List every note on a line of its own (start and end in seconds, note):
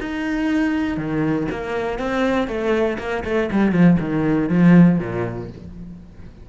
0.00 0.97 D#4
0.97 1.47 D#3
1.51 1.99 A#3
1.99 2.48 C4
2.48 2.97 A3
2.99 3.24 A#3
3.25 3.50 A3
3.52 3.72 G3
3.72 3.97 F3
4.00 4.49 D#3
4.49 4.99 F3
4.99 5.49 A#2